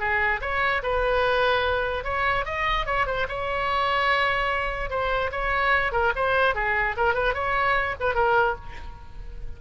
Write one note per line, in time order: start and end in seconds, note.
0.00 0.41 G#4
0.42 0.82 C#5
0.83 2.04 B4
2.04 2.45 C#5
2.46 2.86 D#5
2.86 3.07 C#5
3.07 3.27 C5
3.29 4.90 C#5
4.90 5.31 C5
5.32 5.92 C#5
5.92 6.13 A#4
6.16 6.55 C5
6.55 6.96 G#4
6.97 7.14 A#4
7.14 7.34 B4
7.34 7.96 C#5
8.00 8.15 B4
8.15 8.55 A#4